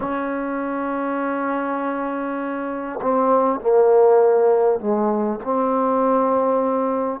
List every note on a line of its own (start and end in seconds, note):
0.00 2.99 C#4
3.01 3.59 C4
3.59 4.79 A#3
4.79 5.39 G#3
5.43 7.20 C4